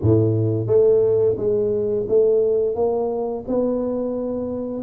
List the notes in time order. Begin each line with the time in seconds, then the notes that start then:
0.01 A2
0.66 A3
1.37 G#3
2.08 A3
2.75 A#3
3.47 B3